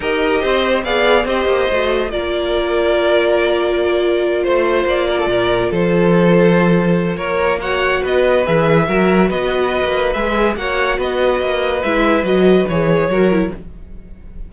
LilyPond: <<
  \new Staff \with { instrumentName = "violin" } { \time 4/4 \tempo 4 = 142 dis''2 f''4 dis''4~ | dis''4 d''2.~ | d''2~ d''8 c''4 d''8~ | d''4. c''2~ c''8~ |
c''4 cis''4 fis''4 dis''4 | e''2 dis''2 | e''4 fis''4 dis''2 | e''4 dis''4 cis''2 | }
  \new Staff \with { instrumentName = "violin" } { \time 4/4 ais'4 c''4 d''4 c''4~ | c''4 ais'2.~ | ais'2~ ais'8 c''4. | ais'16 a'16 ais'4 a'2~ a'8~ |
a'4 ais'4 cis''4 b'4~ | b'4 ais'4 b'2~ | b'4 cis''4 b'2~ | b'2. ais'4 | }
  \new Staff \with { instrumentName = "viola" } { \time 4/4 g'2 gis'4 g'4 | fis'4 f'2.~ | f'1~ | f'1~ |
f'2 fis'2 | gis'4 fis'2. | gis'4 fis'2. | e'4 fis'4 gis'4 fis'8 e'8 | }
  \new Staff \with { instrumentName = "cello" } { \time 4/4 dis'4 c'4 b4 c'8 ais8 | a4 ais2.~ | ais2~ ais8 a4 ais8~ | ais8 ais,4 f2~ f8~ |
f4 ais2 b4 | e4 fis4 b4~ b16 ais8. | gis4 ais4 b4 ais4 | gis4 fis4 e4 fis4 | }
>>